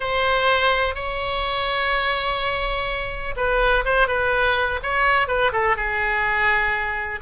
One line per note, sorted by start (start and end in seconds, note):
0.00 0.94 C5
0.94 3.34 C#5
3.36 3.84 B4
3.84 4.07 C5
4.07 4.79 B4
4.82 5.27 C#5
5.27 5.51 B4
5.52 5.76 A4
5.76 7.20 G#4